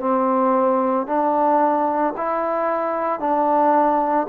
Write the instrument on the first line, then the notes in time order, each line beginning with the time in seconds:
trombone
0.00 C4
1.07 D4
2.17 E4
3.20 D4